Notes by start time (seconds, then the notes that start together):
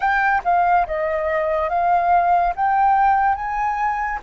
0.00 G5
0.44 F5
0.86 D#5
1.69 F5
2.55 G5
3.35 G#5